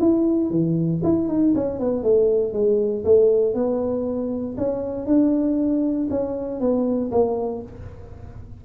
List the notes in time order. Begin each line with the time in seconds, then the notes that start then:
0.00 E4
0.50 E3
1.04 E4
1.29 D#4
1.55 C#4
1.80 B3
2.03 A3
2.53 G#3
3.05 A3
3.54 B3
4.57 C#4
5.07 D4
6.10 C#4
6.60 B3
7.12 A#3